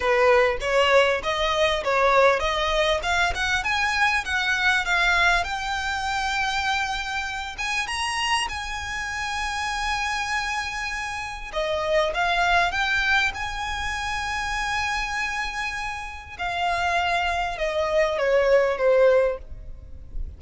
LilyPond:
\new Staff \with { instrumentName = "violin" } { \time 4/4 \tempo 4 = 99 b'4 cis''4 dis''4 cis''4 | dis''4 f''8 fis''8 gis''4 fis''4 | f''4 g''2.~ | g''8 gis''8 ais''4 gis''2~ |
gis''2. dis''4 | f''4 g''4 gis''2~ | gis''2. f''4~ | f''4 dis''4 cis''4 c''4 | }